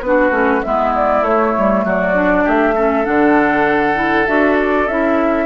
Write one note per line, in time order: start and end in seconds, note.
0.00 0.30 B3
0.00 0.31 D4
0.00 0.62 B4
0.07 0.65 F#4
0.30 0.60 A3
0.30 0.61 C#4
0.62 1.21 G#3
0.62 1.23 B3
0.62 1.84 E4
0.62 0.93 E5
0.95 1.24 D5
1.21 1.52 A3
1.21 2.14 A3
1.21 1.84 C#5
1.58 1.84 G3
1.84 2.45 F#3
1.84 2.44 F#4
1.84 2.48 D5
2.14 2.74 D4
2.44 3.07 A3
2.44 2.74 G4
2.44 3.05 E5
2.75 3.04 C#4
2.75 5.46 A4
3.04 4.27 D3
3.04 3.94 D4
3.04 4.26 F#5
3.94 4.24 E4
4.26 4.87 D4
4.26 4.87 F#4
4.26 4.56 E5
4.59 4.87 D5
4.87 5.46 C#4
4.87 5.46 E4
4.87 5.46 E5